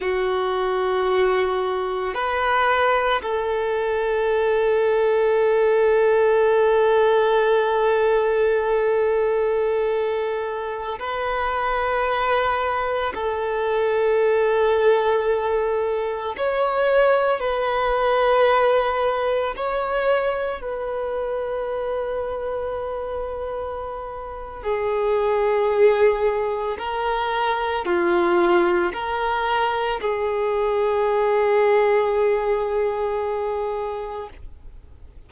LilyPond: \new Staff \with { instrumentName = "violin" } { \time 4/4 \tempo 4 = 56 fis'2 b'4 a'4~ | a'1~ | a'2~ a'16 b'4.~ b'16~ | b'16 a'2. cis''8.~ |
cis''16 b'2 cis''4 b'8.~ | b'2. gis'4~ | gis'4 ais'4 f'4 ais'4 | gis'1 | }